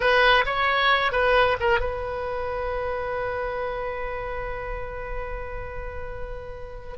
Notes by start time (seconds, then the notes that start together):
0.00 B4
0.45 C#5
1.12 B4
1.60 A#4
1.80 B4